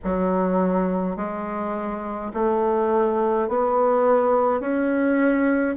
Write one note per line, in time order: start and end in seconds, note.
0.04 1.16 F#3
1.16 2.31 G#3
2.33 3.48 A3
3.48 4.60 B3
4.60 5.75 C#4